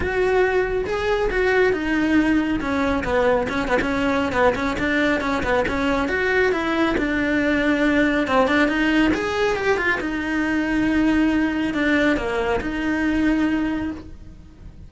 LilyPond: \new Staff \with { instrumentName = "cello" } { \time 4/4 \tempo 4 = 138 fis'2 gis'4 fis'4 | dis'2 cis'4 b4 | cis'8 b16 cis'4~ cis'16 b8 cis'8 d'4 | cis'8 b8 cis'4 fis'4 e'4 |
d'2. c'8 d'8 | dis'4 gis'4 g'8 f'8 dis'4~ | dis'2. d'4 | ais4 dis'2. | }